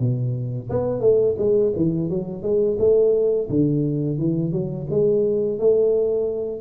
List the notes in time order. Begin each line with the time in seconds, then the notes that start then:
0.00 B2
0.70 B3
1.01 A3
1.39 G#3
1.76 E3
2.10 F#3
2.43 G#3
2.79 A3
3.50 D3
4.19 E3
4.53 F#3
4.91 G#3
5.59 A3